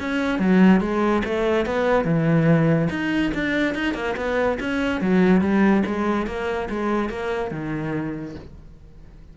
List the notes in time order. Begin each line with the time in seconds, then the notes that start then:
0.00 C#4
0.39 F#3
0.81 G#3
1.25 A3
1.66 B3
2.05 E3
2.90 D#4
3.35 D4
3.75 D#4
3.94 A#3
4.17 B3
4.60 C#4
5.01 F#3
5.41 G3
5.86 G#3
6.27 A#3
6.70 G#3
7.10 A#3
7.51 D#3